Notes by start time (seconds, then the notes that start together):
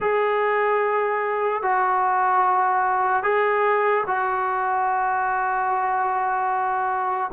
0.00 G#4
1.62 F#4
3.22 G#4
4.06 F#4